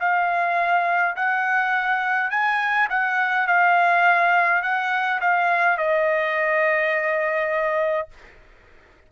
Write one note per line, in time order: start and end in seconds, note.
0.00 1.15 F5
1.16 2.30 F#5
2.30 2.88 G#5
2.90 3.47 F#5
3.47 4.63 F5
4.63 5.20 F#5
5.21 5.78 F5
5.78 8.09 D#5